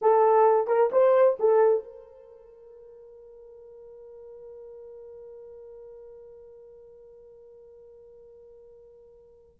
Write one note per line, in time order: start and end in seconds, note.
0.01 0.67 A4
0.67 0.90 A#4
0.92 1.37 C5
1.39 1.83 A4
1.83 9.60 A#4